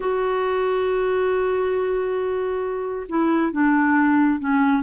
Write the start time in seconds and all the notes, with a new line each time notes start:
0.00 F#4
3.08 E4
3.52 D4
4.39 C#4